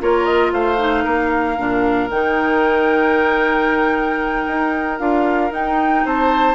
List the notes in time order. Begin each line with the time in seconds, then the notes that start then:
0.00 A#3 F4 A#4 C#5
0.25 D#5
0.52 A3 C5 F5
0.77 D#4
1.04 A#3 A#4
1.57 A#2 D4
2.09 D#3 D#4 G5
4.47 D#4
4.99 D4 F4 F5
5.50 D#4 G5
6.05 C4 C5 A5